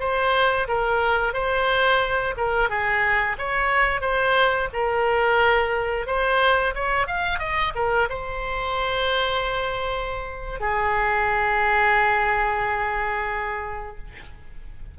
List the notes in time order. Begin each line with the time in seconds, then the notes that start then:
0.00 C5
0.68 A#4
1.34 C5
2.37 A#4
2.70 G#4
3.38 C#5
4.01 C5
4.73 A#4
6.07 C5
6.74 C#5
7.07 F5
7.39 D#5
7.75 A#4
8.10 C5
10.60 G#4